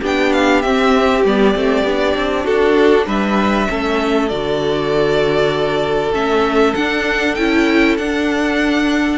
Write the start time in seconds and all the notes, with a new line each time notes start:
0.00 B3 D4 G4 G5
0.32 F5
0.61 C4 E5
1.24 G3 B3 D5
1.55 A3 C4
1.83 B3 D4
2.16 C4
2.43 D4 F#4 A4
3.06 G3 B4 E5
3.68 A3 C#4 A4
4.28 D3 F#4 D5
6.12 A3 C#4 E5
6.74 D4 F#5
7.34 C#4 E4 G5
7.97 D4 F#5